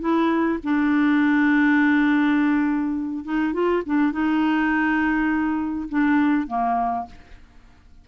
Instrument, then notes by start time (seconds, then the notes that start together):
clarinet
0.00 E4
0.63 D4
3.24 D#4
3.53 F4
3.86 D4
4.12 D#4
5.89 D4
6.47 A#3